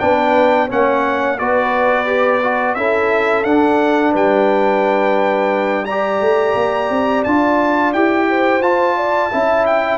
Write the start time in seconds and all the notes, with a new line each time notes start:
0.00 B3 D4 B4 G5
0.67 A#3 C#4 C#5 F#5
1.39 B3 F#4 B4 D5
2.06 G4
2.43 F#4
2.75 C#4 E4 A4 E5
3.44 D4 F#5
4.12 G3 B4 G5
5.85 G4 D5 A#5
6.20 A3
6.55 A#3
6.90 C4
7.24 D4 F4 A5
7.93 E4 G4 G5
8.29 C5
8.62 F4 A5
8.96 D5
9.32 C#4 E4 E5
9.66 G5